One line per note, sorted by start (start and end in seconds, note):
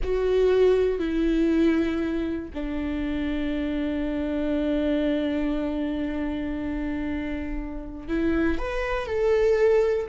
0.03 0.99 F#4
0.99 2.50 E4
2.53 8.07 D4
8.07 8.58 E4
8.58 9.06 B4
9.06 10.07 A4